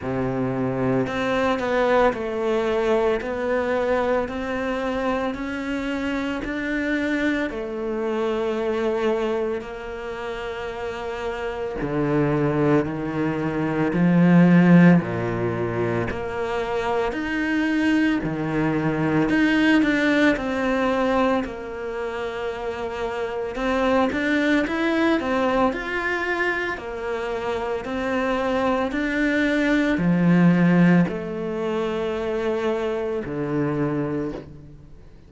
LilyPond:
\new Staff \with { instrumentName = "cello" } { \time 4/4 \tempo 4 = 56 c4 c'8 b8 a4 b4 | c'4 cis'4 d'4 a4~ | a4 ais2 d4 | dis4 f4 ais,4 ais4 |
dis'4 dis4 dis'8 d'8 c'4 | ais2 c'8 d'8 e'8 c'8 | f'4 ais4 c'4 d'4 | f4 a2 d4 | }